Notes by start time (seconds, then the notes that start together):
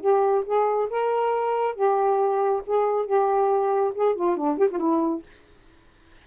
0.00 G4
0.45 G#4
0.90 A#4
1.75 G4
2.66 G#4
3.06 G4
3.94 G#4
4.15 F4
4.37 D4
4.58 G4
4.71 F4
4.78 E4